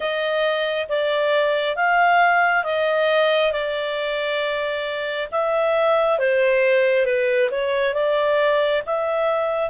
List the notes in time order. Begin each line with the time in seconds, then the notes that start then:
0.00 D#5
0.88 D5
1.76 F5
2.64 D#5
3.52 D5
5.31 E5
6.18 C5
7.05 B4
7.51 C#5
7.94 D5
8.86 E5